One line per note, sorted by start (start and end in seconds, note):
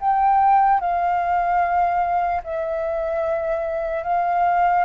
0.00 0.80 G5
0.80 2.42 F5
2.44 4.03 E5
4.03 4.84 F5